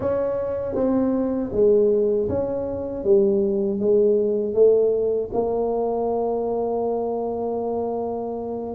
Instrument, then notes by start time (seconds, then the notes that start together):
tuba
0.00 C#4
0.75 C4
1.52 G#3
2.28 C#4
3.04 G3
3.79 G#3
4.54 A3
5.33 A#3